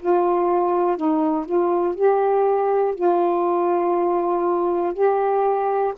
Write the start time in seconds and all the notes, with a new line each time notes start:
0.00 F4
0.97 D#4
1.46 F4
1.95 G4
2.95 F4
4.94 G4